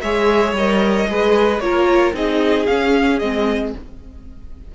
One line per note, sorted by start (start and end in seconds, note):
0.00 0.52 G#3
0.00 0.57 G#4
0.00 1.09 C#5
0.00 0.53 E5
0.52 1.05 G3
0.52 1.07 A#4
0.52 1.59 D#5
1.07 1.59 G#3
1.07 1.60 G#4
1.07 1.63 B4
1.59 2.12 A#3
1.59 2.13 F4
1.59 2.15 A#4
1.59 2.12 C#5
2.13 2.66 C4
2.13 2.66 D#4
2.13 3.74 G#4
2.13 2.65 D#5
2.65 3.21 C#4
2.65 3.20 C#4
2.65 3.18 F5
3.18 3.73 G#3
3.18 3.74 C4
3.18 3.71 D#5